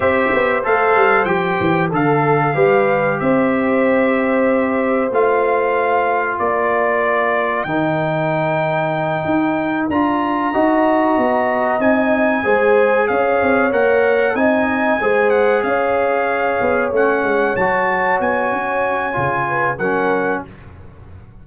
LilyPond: <<
  \new Staff \with { instrumentName = "trumpet" } { \time 4/4 \tempo 4 = 94 e''4 f''4 g''4 f''4~ | f''4 e''2. | f''2 d''2 | g''2.~ g''8 ais''8~ |
ais''2~ ais''8 gis''4.~ | gis''8 f''4 fis''4 gis''4. | fis''8 f''2 fis''4 a''8~ | a''8 gis''2~ gis''8 fis''4 | }
  \new Staff \with { instrumentName = "horn" } { \time 4/4 c''2. a'4 | b'4 c''2.~ | c''2 ais'2~ | ais'1~ |
ais'8 dis''2. c''8~ | c''8 cis''2 dis''4 c''8~ | c''8 cis''2.~ cis''8~ | cis''2~ cis''8 b'8 ais'4 | }
  \new Staff \with { instrumentName = "trombone" } { \time 4/4 g'4 a'4 g'4 a'4 | g'1 | f'1 | dis'2.~ dis'8 f'8~ |
f'8 fis'2 dis'4 gis'8~ | gis'4. ais'4 dis'4 gis'8~ | gis'2~ gis'8 cis'4 fis'8~ | fis'2 f'4 cis'4 | }
  \new Staff \with { instrumentName = "tuba" } { \time 4/4 c'8 b8 a8 g8 f8 e8 d4 | g4 c'2. | a2 ais2 | dis2~ dis8 dis'4 d'8~ |
d'8 dis'4 b4 c'4 gis8~ | gis8 cis'8 c'8 ais4 c'4 gis8~ | gis8 cis'4. b8 a8 gis8 fis8~ | fis8 b8 cis'4 cis4 fis4 | }
>>